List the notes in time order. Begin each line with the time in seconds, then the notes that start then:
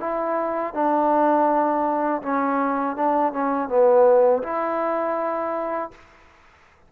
0.00 E4
0.74 D4
2.23 C#4
2.97 D4
3.33 C#4
3.69 B3
4.43 E4